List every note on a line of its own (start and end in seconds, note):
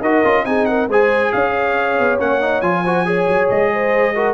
0.00 0.22 D#4
0.00 0.24 F#4
0.00 0.44 A#4
0.00 0.45 D#5
0.24 0.44 C#4
0.24 0.45 F4
0.44 0.88 C4
0.44 0.89 D#4
0.44 0.69 G#4
0.44 0.65 G#5
0.65 0.89 A#4
0.65 0.87 F#5
0.88 1.31 G#3
0.88 2.19 G#4
0.88 1.32 C5
0.88 1.32 G#5
1.32 1.99 C#4
1.32 2.83 C#5
1.32 2.19 F5
1.99 2.19 B3
2.19 2.61 A#3
2.19 2.41 C#4
2.19 2.61 F#5
2.41 2.62 D#4
2.61 3.26 F3
2.61 2.84 F4
2.61 3.48 G#5
2.83 3.05 F#4
2.83 3.05 C5
3.05 4.14 G#4
3.05 3.72 C#5
3.27 3.49 F#3
3.49 4.34 G#3
3.49 4.34 D#5
3.72 4.15 C5
4.14 4.34 F#4
4.14 4.34 A#4